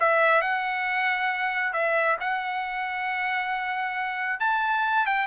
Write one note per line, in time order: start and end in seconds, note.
0.00 0.42 E5
0.42 1.73 F#5
1.73 2.17 E5
2.20 4.40 F#5
4.40 5.06 A5
5.06 5.27 G5